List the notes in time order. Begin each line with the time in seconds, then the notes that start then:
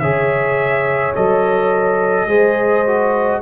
0.00 C#3 G#4 C#5 E5
1.15 F#3 A4 D#5
2.26 G#3 G#4 C5
2.87 F#4